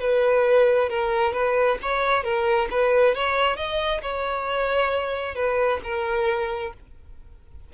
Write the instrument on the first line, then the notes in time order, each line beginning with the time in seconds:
violin
0.00 B4
0.90 A#4
1.33 B4
1.82 C#5
2.23 A#4
2.70 B4
3.15 C#5
3.57 D#5
4.02 C#5
5.35 B4
5.83 A#4